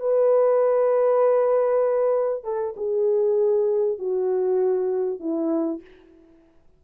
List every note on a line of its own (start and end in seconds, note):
0.00 2.44 B4
2.44 2.75 A4
2.77 3.99 G#4
3.99 5.20 F#4
5.20 5.81 E4